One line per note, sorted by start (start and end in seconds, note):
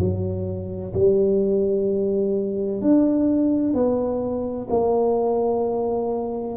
0.00 0.94 F#3
0.94 2.82 G3
2.82 3.74 D4
3.74 4.68 B3
4.70 6.58 A#3